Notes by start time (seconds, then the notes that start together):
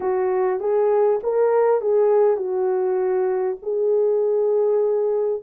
0.00 F#4
0.60 G#4
1.23 A#4
1.81 G#4
2.36 F#4
3.62 G#4